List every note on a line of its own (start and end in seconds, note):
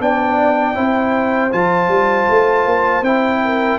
0.00 0.76 B3
0.00 0.75 D4
0.00 0.76 D5
0.00 1.53 G5
0.75 1.53 C4
0.75 1.51 E4
0.75 3.41 C5
1.52 1.89 F3
1.52 3.03 F4
1.52 3.04 A5
1.89 2.27 G3
2.30 2.66 A3
2.66 3.02 A#3
3.02 3.78 C4
3.02 3.79 E4
3.02 3.79 G5
3.45 3.79 A#4